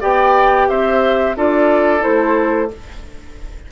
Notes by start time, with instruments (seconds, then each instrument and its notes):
0.00 bassoon B3, clarinet G4, oboe D5, flute G5
0.69 bassoon C4, oboe C5, flute E5
1.36 bassoon D4, clarinet F4, oboe A4, flute D5
2.00 bassoon A3, clarinet E4, flute C5